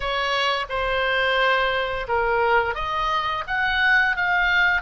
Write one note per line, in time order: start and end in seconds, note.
0.00 0.66 C#5
0.69 2.07 C5
2.08 2.75 A#4
2.75 3.44 D#5
3.47 4.16 F#5
4.16 4.81 F5